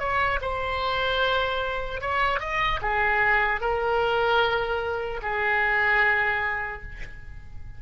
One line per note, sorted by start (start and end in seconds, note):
0.00 0.40 C#5
0.42 2.01 C5
2.01 2.40 C#5
2.40 2.80 D#5
2.82 3.61 G#4
3.61 5.21 A#4
5.23 6.83 G#4